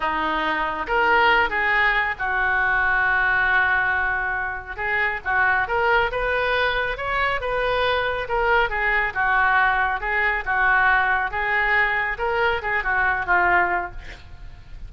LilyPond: \new Staff \with { instrumentName = "oboe" } { \time 4/4 \tempo 4 = 138 dis'2 ais'4. gis'8~ | gis'4 fis'2.~ | fis'2. gis'4 | fis'4 ais'4 b'2 |
cis''4 b'2 ais'4 | gis'4 fis'2 gis'4 | fis'2 gis'2 | ais'4 gis'8 fis'4 f'4. | }